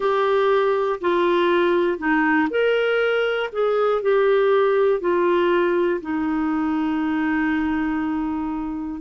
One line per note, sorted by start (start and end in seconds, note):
0.00 1.00 G4
1.00 1.98 F4
1.98 2.48 D#4
2.50 3.50 A#4
3.52 4.01 G#4
4.01 5.00 G4
5.00 6.00 F4
6.00 9.00 D#4